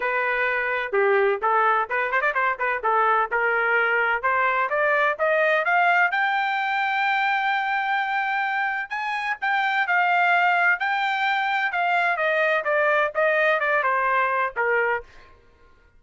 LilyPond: \new Staff \with { instrumentName = "trumpet" } { \time 4/4 \tempo 4 = 128 b'2 g'4 a'4 | b'8 c''16 d''16 c''8 b'8 a'4 ais'4~ | ais'4 c''4 d''4 dis''4 | f''4 g''2.~ |
g''2. gis''4 | g''4 f''2 g''4~ | g''4 f''4 dis''4 d''4 | dis''4 d''8 c''4. ais'4 | }